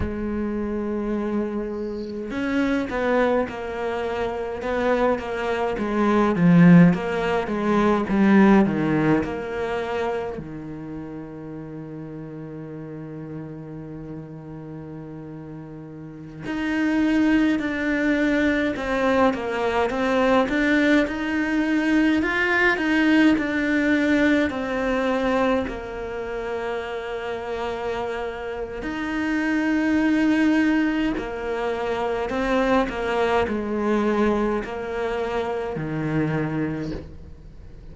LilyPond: \new Staff \with { instrumentName = "cello" } { \time 4/4 \tempo 4 = 52 gis2 cis'8 b8 ais4 | b8 ais8 gis8 f8 ais8 gis8 g8 dis8 | ais4 dis2.~ | dis2~ dis16 dis'4 d'8.~ |
d'16 c'8 ais8 c'8 d'8 dis'4 f'8 dis'16~ | dis'16 d'4 c'4 ais4.~ ais16~ | ais4 dis'2 ais4 | c'8 ais8 gis4 ais4 dis4 | }